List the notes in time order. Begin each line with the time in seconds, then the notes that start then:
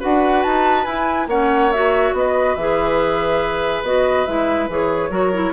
0.00 D4 F#4 B4 F#5
0.43 D#4 A5
0.84 E4 G#5
1.27 A#3 C#4 C#5 F#5
1.72 F#4 E5
2.13 B3 B4 D#5
2.56 E3 G#4 E5
3.83 B3 F#4 D#5
4.26 G#3 E4 E5
4.69 E3 G#4 C#5
5.10 F#3 F#4 A#4
5.33 E4